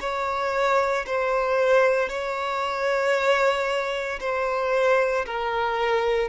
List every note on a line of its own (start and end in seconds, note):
0.00 1.05 C#5
1.06 2.09 C5
2.09 4.19 C#5
4.20 5.25 C5
5.25 6.28 A#4